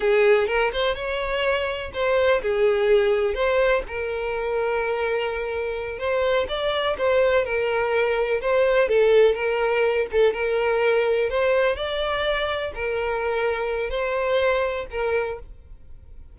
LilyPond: \new Staff \with { instrumentName = "violin" } { \time 4/4 \tempo 4 = 125 gis'4 ais'8 c''8 cis''2 | c''4 gis'2 c''4 | ais'1~ | ais'8 c''4 d''4 c''4 ais'8~ |
ais'4. c''4 a'4 ais'8~ | ais'4 a'8 ais'2 c''8~ | c''8 d''2 ais'4.~ | ais'4 c''2 ais'4 | }